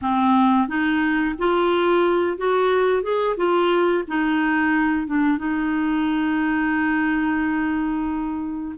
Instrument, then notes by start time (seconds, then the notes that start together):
clarinet
0.01 C4
0.67 D#4
1.38 F4
2.37 F#4
3.02 G#4
3.36 F4
4.07 D#4
5.06 D4
5.37 D#4